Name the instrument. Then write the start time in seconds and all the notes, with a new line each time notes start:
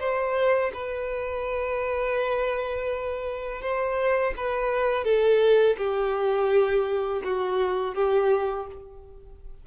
violin
0.00 C5
0.74 B4
3.62 C5
4.37 B4
5.05 A4
5.78 G4
7.24 F#4
7.95 G4